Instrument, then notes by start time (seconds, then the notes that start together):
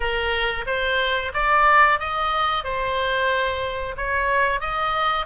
oboe
0.00 A#4
0.66 C5
1.33 D5
1.99 D#5
2.64 C5
3.97 C#5
4.60 D#5